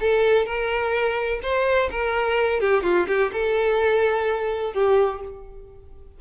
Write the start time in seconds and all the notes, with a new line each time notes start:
0.00 A4
0.46 A#4
1.42 C5
1.90 A#4
2.60 G4
2.83 F4
3.07 G4
3.32 A4
4.73 G4